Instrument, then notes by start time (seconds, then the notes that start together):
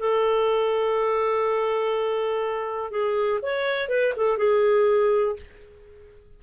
clarinet
0.00 A4
2.91 G#4
3.42 C#5
3.89 B4
4.17 A4
4.38 G#4